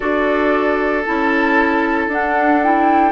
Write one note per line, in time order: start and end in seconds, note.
0.00 1.06 D4
0.00 1.03 F#4
0.00 3.11 A4
0.00 1.03 D5
1.04 2.07 C#4
1.04 2.11 E4
1.04 2.10 A5
2.07 3.11 D4
2.07 2.64 D4
2.07 2.63 F#5
2.63 3.11 E4
2.63 3.11 G5